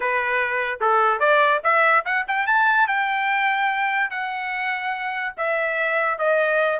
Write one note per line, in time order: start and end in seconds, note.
0.00 0.79 B4
0.80 1.19 A4
1.19 1.60 D5
1.63 2.04 E5
2.05 2.25 F#5
2.27 2.46 G5
2.46 2.87 A5
2.87 4.10 G5
4.10 5.33 F#5
5.37 6.18 E5
6.18 6.79 D#5